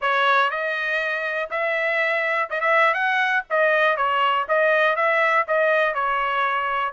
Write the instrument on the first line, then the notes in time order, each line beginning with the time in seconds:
trumpet
0.01 C#5
0.50 D#5
1.50 E5
2.50 D#5
2.60 E5
2.94 F#5
3.50 D#5
3.96 C#5
4.48 D#5
4.96 E5
5.47 D#5
5.94 C#5